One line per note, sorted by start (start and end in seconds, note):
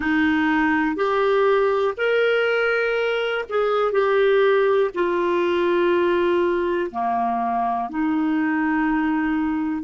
0.00 0.96 D#4
0.96 1.94 G4
1.97 3.44 A#4
3.49 3.92 G#4
3.92 4.90 G4
4.94 6.91 F4
6.91 7.89 A#3
7.89 9.83 D#4